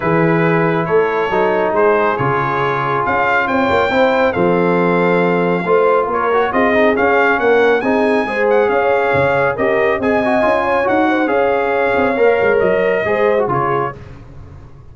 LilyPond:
<<
  \new Staff \with { instrumentName = "trumpet" } { \time 4/4 \tempo 4 = 138 b'2 cis''2 | c''4 cis''2 f''4 | g''2 f''2~ | f''2 cis''4 dis''4 |
f''4 fis''4 gis''4. fis''8 | f''2 dis''4 gis''4~ | gis''4 fis''4 f''2~ | f''4 dis''2 cis''4 | }
  \new Staff \with { instrumentName = "horn" } { \time 4/4 gis'2 a'2 | gis'1 | cis''4 c''4 a'2~ | a'4 c''4 ais'4 gis'4~ |
gis'4 ais'4 gis'4 c''4 | cis''2 ais'4 dis''4~ | dis''8 cis''4 c''8 cis''2~ | cis''2 c''4 gis'4 | }
  \new Staff \with { instrumentName = "trombone" } { \time 4/4 e'2. dis'4~ | dis'4 f'2.~ | f'4 e'4 c'2~ | c'4 f'4. fis'8 f'8 dis'8 |
cis'2 dis'4 gis'4~ | gis'2 g'4 gis'8 fis'8 | f'4 fis'4 gis'2 | ais'2 gis'8. fis'16 f'4 | }
  \new Staff \with { instrumentName = "tuba" } { \time 4/4 e2 a4 fis4 | gis4 cis2 cis'4 | c'8 ais8 c'4 f2~ | f4 a4 ais4 c'4 |
cis'4 ais4 c'4 gis4 | cis'4 cis4 cis'4 c'4 | cis'4 dis'4 cis'4. c'8 | ais8 gis8 fis4 gis4 cis4 | }
>>